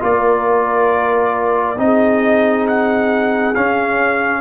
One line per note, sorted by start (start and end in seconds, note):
0.00 1.78 A#3
0.00 1.76 F4
0.00 1.79 A#4
0.00 1.79 D5
1.78 3.54 C4
1.78 3.55 D#4
1.78 4.41 G#4
1.78 2.67 D#5
2.68 3.55 F#5
3.55 4.41 C#4
3.55 4.41 F5